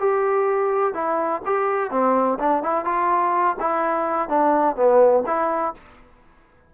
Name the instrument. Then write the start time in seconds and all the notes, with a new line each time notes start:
trombone
0.00 G4
0.95 E4
1.46 G4
1.92 C4
2.40 D4
2.64 E4
2.85 F4
3.60 E4
4.29 D4
4.76 B3
5.27 E4